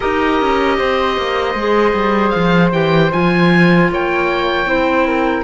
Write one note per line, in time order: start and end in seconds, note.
0.00 0.40 D#4
0.00 1.56 G4
0.00 0.76 A#4
0.00 2.29 D#5
0.40 0.79 C#4
0.78 1.17 C4
0.78 3.90 C5
1.17 1.54 A#3
1.54 1.93 G#3
1.54 2.72 G#4
1.93 2.32 G3
2.29 2.72 F3
2.29 2.68 F5
2.72 3.11 E3
2.72 3.11 G4
2.72 3.11 G5
3.12 3.90 F3
3.12 4.65 F4
3.12 3.90 G#5
3.90 4.66 A#3
3.90 4.69 C#5
3.90 5.44 G5
4.65 5.44 C4
4.65 5.43 E4
4.65 5.06 C5
5.06 5.44 A#4